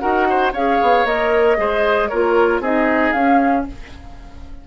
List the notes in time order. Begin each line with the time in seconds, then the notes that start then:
0.00 D#4 F#4 A#4 F#5
0.30 C5
0.53 C#4 G#4 C#5 F5
0.82 B3
1.05 A#3 A#4 D#5
1.57 G#3 G#4 C5
2.08 A#3 F4 A#4 C#5
2.60 C4 D#4 G#4 D#5
3.12 C#4 F5